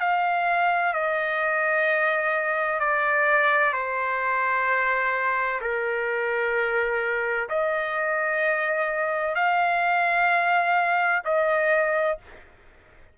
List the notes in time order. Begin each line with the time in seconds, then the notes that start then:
0.00 F5
0.93 D#5
2.80 D5
3.73 C5
5.61 A#4
7.49 D#5
9.35 F5
11.25 D#5